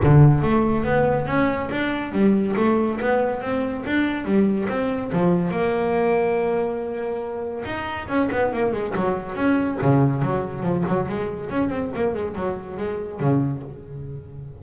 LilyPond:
\new Staff \with { instrumentName = "double bass" } { \time 4/4 \tempo 4 = 141 d4 a4 b4 cis'4 | d'4 g4 a4 b4 | c'4 d'4 g4 c'4 | f4 ais2.~ |
ais2 dis'4 cis'8 b8 | ais8 gis8 fis4 cis'4 cis4 | fis4 f8 fis8 gis4 cis'8 c'8 | ais8 gis8 fis4 gis4 cis4 | }